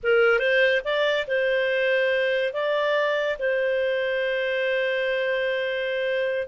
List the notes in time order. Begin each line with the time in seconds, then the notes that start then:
0.03 A#4
0.39 C5
0.84 D5
1.27 C5
2.53 D5
3.38 C5